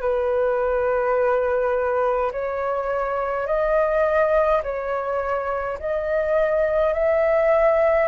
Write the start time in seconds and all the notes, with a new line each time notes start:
0.00 B4
2.32 C#5
3.46 D#5
4.63 C#5
5.79 D#5
6.93 E5